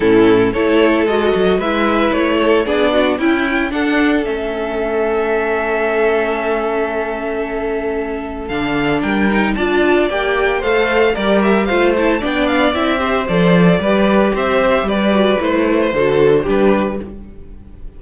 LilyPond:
<<
  \new Staff \with { instrumentName = "violin" } { \time 4/4 \tempo 4 = 113 a'4 cis''4 dis''4 e''4 | cis''4 d''4 g''4 fis''4 | e''1~ | e''1 |
f''4 g''4 a''4 g''4 | f''4 d''8 e''8 f''8 a''8 g''8 f''8 | e''4 d''2 e''4 | d''4 c''2 b'4 | }
  \new Staff \with { instrumentName = "violin" } { \time 4/4 e'4 a'2 b'4~ | b'8 a'8 gis'8 fis'8 e'4 a'4~ | a'1~ | a'1~ |
a'4 ais'4 d''2 | c''4 ais'4 c''4 d''4~ | d''8 c''4. b'4 c''4 | b'2 a'4 g'4 | }
  \new Staff \with { instrumentName = "viola" } { \time 4/4 cis'4 e'4 fis'4 e'4~ | e'4 d'4 e'4 d'4 | cis'1~ | cis'1 |
d'4. dis'8 f'4 g'4 | a'4 g'4 f'8 e'8 d'4 | e'8 g'8 a'4 g'2~ | g'8 fis'8 e'4 fis'4 d'4 | }
  \new Staff \with { instrumentName = "cello" } { \time 4/4 a,4 a4 gis8 fis8 gis4 | a4 b4 cis'4 d'4 | a1~ | a1 |
d4 g4 d'4 ais4 | a4 g4 a4 b4 | c'4 f4 g4 c'4 | g4 a4 d4 g4 | }
>>